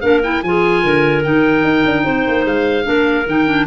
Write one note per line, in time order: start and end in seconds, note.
0.00 0.43 A#3
0.00 0.21 D4
0.00 0.43 A#4
0.00 0.20 F5
0.23 0.43 E4
0.23 0.43 G5
0.43 0.83 F3
0.43 1.23 F4
0.43 0.83 G#4
0.43 1.23 G#5
0.83 1.24 D3
0.83 2.03 A#4
1.23 1.64 D#3
1.23 2.83 D#4
1.23 2.45 G5
1.64 1.84 D#4
1.85 2.05 D4
2.03 2.26 C4
2.03 2.84 C5
2.27 2.45 A#3
2.45 2.85 G#3
2.45 3.27 F5
2.83 3.27 A#3
2.83 3.24 D4
2.83 3.66 A#4
3.27 3.66 D#3
3.27 3.46 D#4
3.27 3.66 G5
3.46 3.66 D4